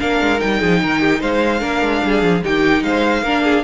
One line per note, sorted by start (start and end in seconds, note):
0.00 0.21 A#3
0.00 0.39 D4
0.00 0.60 A#4
0.00 0.40 F5
0.21 0.41 G#3
0.39 0.63 G3
0.39 1.60 D#4
0.39 1.21 G5
0.60 0.83 F3
0.60 0.81 G#4
0.83 1.22 D#3
0.83 1.01 A#4
1.01 1.21 G4
1.21 1.62 G#3
1.21 1.61 C5
1.21 2.44 F5
1.60 1.82 A#3
1.60 2.41 D4
1.60 2.01 A#4
1.82 2.02 G#3
2.04 2.23 G3
2.04 2.44 G#4
2.23 2.43 F3
2.44 2.84 D#3
2.44 3.25 D#4
2.44 2.84 G4
2.44 2.84 G5
2.84 3.23 G#3
2.84 3.23 C5
2.84 3.64 F5
3.23 3.64 A#3
3.23 3.64 D4
3.23 3.43 A#4
3.44 3.64 G#4